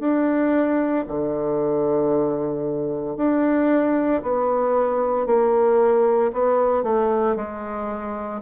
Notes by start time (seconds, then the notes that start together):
0.00 D4
1.08 D3
3.17 D4
4.22 B3
5.27 A#3
6.33 B3
6.84 A3
7.36 G#3